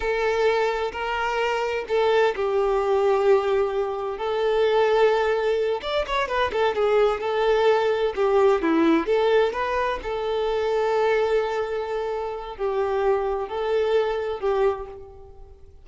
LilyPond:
\new Staff \with { instrumentName = "violin" } { \time 4/4 \tempo 4 = 129 a'2 ais'2 | a'4 g'2.~ | g'4 a'2.~ | a'8 d''8 cis''8 b'8 a'8 gis'4 a'8~ |
a'4. g'4 e'4 a'8~ | a'8 b'4 a'2~ a'8~ | a'2. g'4~ | g'4 a'2 g'4 | }